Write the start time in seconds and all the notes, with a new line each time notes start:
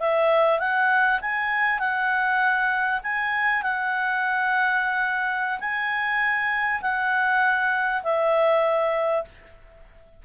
0.00 E5
0.60 F#5
1.21 G#5
1.79 F#5
3.03 G#5
3.63 F#5
5.60 G#5
6.82 F#5
8.03 E5